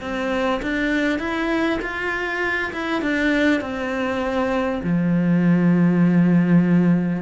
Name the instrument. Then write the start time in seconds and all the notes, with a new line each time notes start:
cello
0.00 C4
0.62 D4
1.19 E4
1.81 F4
2.72 E4
3.02 D4
3.61 C4
4.83 F3